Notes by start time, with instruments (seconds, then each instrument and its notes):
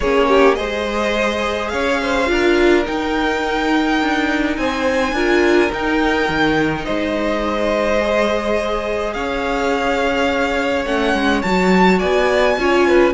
0.00 cello A#3, viola C#4, violin G#4 C#5
0.28 violin G4
0.55 cello G#3, viola G#4, violin C5 D#5
1.68 cello C#4, violin C#5 F5
2.02 violin C5
2.26 cello D4, viola F4, violin A#4
2.85 viola D#4, cello D#4, violin G5
4.01 cello D4
4.56 cello C4, violin C5 G#5
5.11 cello D4, viola F4, violin A#4
5.69 viola D#4, cello D#4, violin G5
6.29 cello D#3
6.85 cello G#3, violin C5 D#5
8.00 viola G#4
9.13 cello C#4, violin C#5 F5
10.85 cello A3, viola C#4, violin F#5
11.13 cello G#3
11.42 cello F#3, viola F#4, violin A5
11.99 cello B3, violin D5 G#5
12.57 cello C#4, viola F4, violin C#5
12.87 violin B4